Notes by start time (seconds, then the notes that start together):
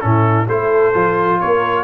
0.00 A2 C#4 E4 A4
0.47 A3 E4 A4 C5
0.94 F3 F4
1.40 A#3 A#4 C#5